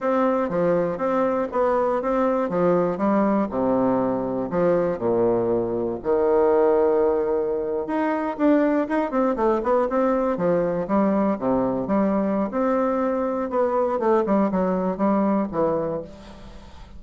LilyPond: \new Staff \with { instrumentName = "bassoon" } { \time 4/4 \tempo 4 = 120 c'4 f4 c'4 b4 | c'4 f4 g4 c4~ | c4 f4 ais,2 | dis2.~ dis8. dis'16~ |
dis'8. d'4 dis'8 c'8 a8 b8 c'16~ | c'8. f4 g4 c4 g16~ | g4 c'2 b4 | a8 g8 fis4 g4 e4 | }